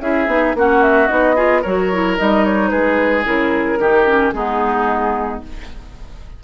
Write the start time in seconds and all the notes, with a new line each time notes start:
0.00 C#4 E4 G#4 E5
0.27 B3 D#4
0.55 A#3 C#4 F#4 F#5
0.83 E5
1.07 B3 D#4 D#5
1.36 F4 G#4
1.62 F#3 F#4 A#4 C#5
1.93 E4
2.18 G3 D#4 D#5
2.45 C#5
2.69 G#3 G#4 B4
3.24 C#3 E4 A#4
3.79 D#3 D#4 G4
4.07 C#4
4.33 G#3 B3 D#4 G#4